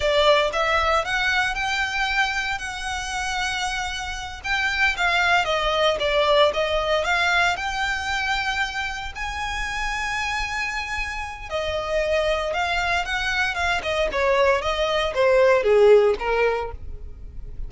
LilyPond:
\new Staff \with { instrumentName = "violin" } { \time 4/4 \tempo 4 = 115 d''4 e''4 fis''4 g''4~ | g''4 fis''2.~ | fis''8 g''4 f''4 dis''4 d''8~ | d''8 dis''4 f''4 g''4.~ |
g''4. gis''2~ gis''8~ | gis''2 dis''2 | f''4 fis''4 f''8 dis''8 cis''4 | dis''4 c''4 gis'4 ais'4 | }